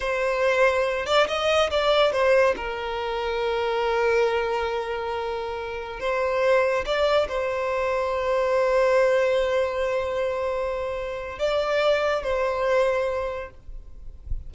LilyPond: \new Staff \with { instrumentName = "violin" } { \time 4/4 \tempo 4 = 142 c''2~ c''8 d''8 dis''4 | d''4 c''4 ais'2~ | ais'1~ | ais'2~ ais'16 c''4.~ c''16~ |
c''16 d''4 c''2~ c''8.~ | c''1~ | c''2. d''4~ | d''4 c''2. | }